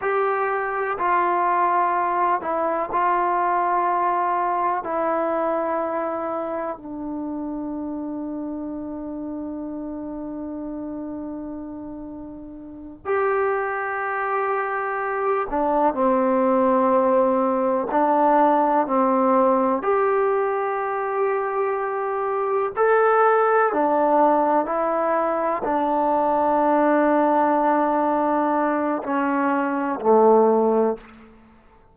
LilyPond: \new Staff \with { instrumentName = "trombone" } { \time 4/4 \tempo 4 = 62 g'4 f'4. e'8 f'4~ | f'4 e'2 d'4~ | d'1~ | d'4. g'2~ g'8 |
d'8 c'2 d'4 c'8~ | c'8 g'2. a'8~ | a'8 d'4 e'4 d'4.~ | d'2 cis'4 a4 | }